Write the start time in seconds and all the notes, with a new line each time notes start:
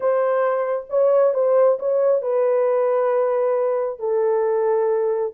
0.00 C5
0.89 C#5
1.34 C5
1.79 C#5
2.22 B4
3.99 A4